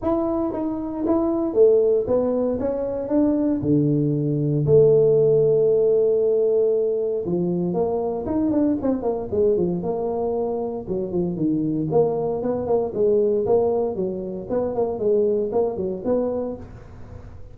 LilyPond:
\new Staff \with { instrumentName = "tuba" } { \time 4/4 \tempo 4 = 116 e'4 dis'4 e'4 a4 | b4 cis'4 d'4 d4~ | d4 a2.~ | a2 f4 ais4 |
dis'8 d'8 c'8 ais8 gis8 f8 ais4~ | ais4 fis8 f8 dis4 ais4 | b8 ais8 gis4 ais4 fis4 | b8 ais8 gis4 ais8 fis8 b4 | }